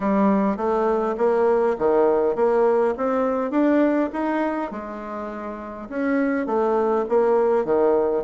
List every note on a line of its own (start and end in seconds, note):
0.00 0.56 G3
0.56 1.15 A3
1.17 1.76 A#3
1.78 2.35 D#3
2.35 2.94 A#3
2.97 3.50 C4
3.50 4.09 D4
4.13 4.71 D#4
4.71 5.88 G#3
5.89 6.46 C#4
6.46 7.05 A3
7.09 7.64 A#3
7.64 8.23 D#3